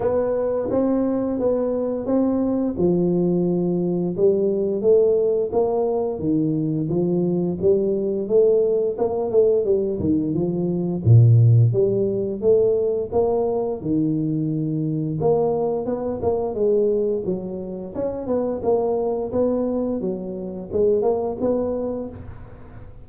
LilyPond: \new Staff \with { instrumentName = "tuba" } { \time 4/4 \tempo 4 = 87 b4 c'4 b4 c'4 | f2 g4 a4 | ais4 dis4 f4 g4 | a4 ais8 a8 g8 dis8 f4 |
ais,4 g4 a4 ais4 | dis2 ais4 b8 ais8 | gis4 fis4 cis'8 b8 ais4 | b4 fis4 gis8 ais8 b4 | }